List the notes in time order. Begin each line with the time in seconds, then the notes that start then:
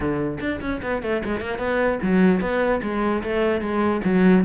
0.00 D3
0.40 D4
0.61 C#4
0.82 B3
1.02 A3
1.24 G#3
1.40 A#3
1.58 B3
2.02 F#3
2.40 B3
2.82 G#3
3.23 A3
3.61 G#3
4.04 F#3